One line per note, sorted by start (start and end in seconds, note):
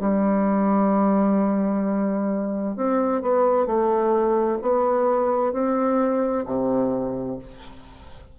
0.00 2.76 G3
2.76 3.22 C4
3.22 3.66 B3
3.66 4.58 A3
4.62 5.53 B3
5.53 6.45 C4
6.46 7.38 C3